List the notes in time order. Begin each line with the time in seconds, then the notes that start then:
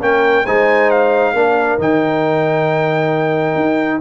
0.00 A#3 C#4 A#4 G5
0.44 G#3 D#4 C5 G#5
0.90 F5
1.33 A#3 D4 A#4
1.78 D#3 D#4 G5
3.55 D#4